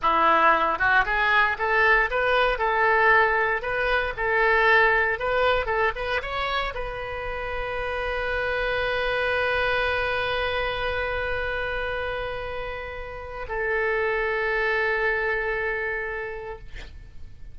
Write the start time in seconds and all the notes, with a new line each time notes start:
0.01 E4
0.79 F#4
1.05 G#4
1.58 A4
2.10 B4
2.58 A4
3.62 B4
4.16 A4
5.19 B4
5.66 A4
5.95 B4
6.21 C#5
6.74 B4
13.48 A4